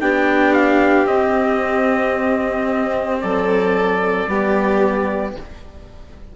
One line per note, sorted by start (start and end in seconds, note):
0.00 1.06 B3
0.00 1.06 D4
0.00 3.22 G4
0.00 0.53 G5
0.53 1.06 F5
1.06 3.20 C4
1.06 4.28 C4
1.06 3.21 D#5
3.21 4.26 F#3
3.21 4.29 A4
3.21 5.35 D5
4.26 5.33 G3
4.26 5.36 B3
4.26 5.36 G4